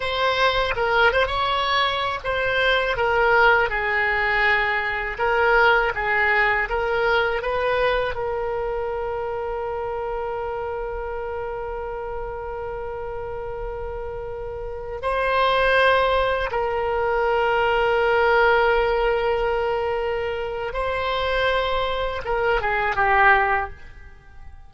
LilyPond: \new Staff \with { instrumentName = "oboe" } { \time 4/4 \tempo 4 = 81 c''4 ais'8 c''16 cis''4~ cis''16 c''4 | ais'4 gis'2 ais'4 | gis'4 ais'4 b'4 ais'4~ | ais'1~ |
ais'1~ | ais'16 c''2 ais'4.~ ais'16~ | ais'1 | c''2 ais'8 gis'8 g'4 | }